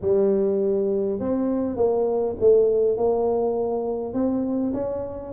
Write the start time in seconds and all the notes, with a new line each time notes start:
0.01 G3
1.19 C4
1.76 A#3
2.40 A3
2.97 A#3
4.13 C4
4.73 C#4